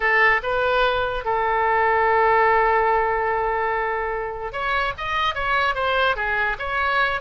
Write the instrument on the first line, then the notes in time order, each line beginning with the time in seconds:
oboe
0.00 A4
0.43 B4
1.24 A4
4.52 C#5
4.97 D#5
5.34 C#5
5.74 C5
6.16 G#4
6.59 C#5